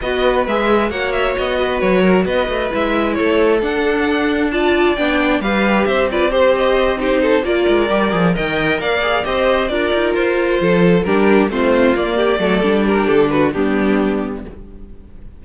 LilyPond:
<<
  \new Staff \with { instrumentName = "violin" } { \time 4/4 \tempo 4 = 133 dis''4 e''4 fis''8 e''8 dis''4 | cis''4 dis''4 e''4 cis''4 | fis''2 a''4 g''4 | f''4 e''8 d''8 c''8 dis''4 c''8~ |
c''8 d''2 g''4 f''8~ | f''8 dis''4 d''4 c''4.~ | c''8 ais'4 c''4 d''4.~ | d''8 ais'8 a'8 b'8 g'2 | }
  \new Staff \with { instrumentName = "violin" } { \time 4/4 b'2 cis''4. b'8~ | b'8 ais'8 b'2 a'4~ | a'2 d''2 | b'4 c''8 b'8 c''4. g'8 |
a'8 ais'2 dis''4 d''8~ | d''8 c''4 ais'2 a'8~ | a'8 g'4 f'4. g'8 a'8~ | a'8 g'4 fis'8 d'2 | }
  \new Staff \with { instrumentName = "viola" } { \time 4/4 fis'4 gis'4 fis'2~ | fis'2 e'2 | d'2 f'4 d'4 | g'4. f'8 g'4. dis'8~ |
dis'8 f'4 g'8 gis'8 ais'4. | gis'8 g'4 f'2~ f'8~ | f'8 d'4 c'4 ais4 a8 | d'2 b2 | }
  \new Staff \with { instrumentName = "cello" } { \time 4/4 b4 gis4 ais4 b4 | fis4 b8 a8 gis4 a4 | d'2. b4 | g4 c'2.~ |
c'8 ais8 gis8 g8 f8 dis4 ais8~ | ais8 c'4 d'8 dis'8 f'4 f8~ | f8 g4 a4 ais4 fis8 | g4 d4 g2 | }
>>